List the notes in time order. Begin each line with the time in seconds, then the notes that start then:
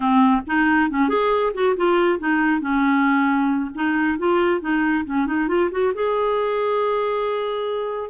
0.00 C4
0.46 D#4
0.90 C#4
1.08 G#4
1.54 F#4
1.76 F4
2.19 D#4
2.61 C#4
3.74 D#4
4.18 F4
4.60 D#4
5.05 C#4
5.26 D#4
5.48 F4
5.71 F#4
5.94 G#4